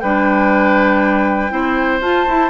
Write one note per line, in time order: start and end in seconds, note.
0.00 1.51 G3
0.00 1.50 D4
0.00 1.52 B4
0.00 2.00 G5
1.50 2.01 C4
1.50 2.00 E4
1.50 2.51 C5
2.01 2.26 F4
2.01 2.27 F4
2.01 2.51 A5
2.28 2.51 E4